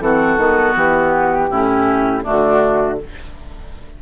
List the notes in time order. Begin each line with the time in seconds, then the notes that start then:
0.00 E3 C4 F#4 A4
0.37 D#3 B3
0.75 E3 G4
1.49 A2 C#4 E4
2.23 D3 A3 D4 F#4